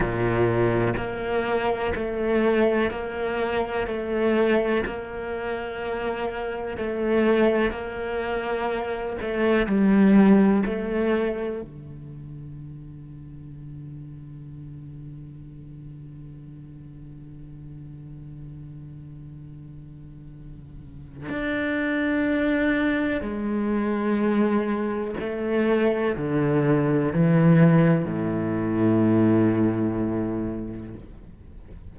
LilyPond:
\new Staff \with { instrumentName = "cello" } { \time 4/4 \tempo 4 = 62 ais,4 ais4 a4 ais4 | a4 ais2 a4 | ais4. a8 g4 a4 | d1~ |
d1~ | d2 d'2 | gis2 a4 d4 | e4 a,2. | }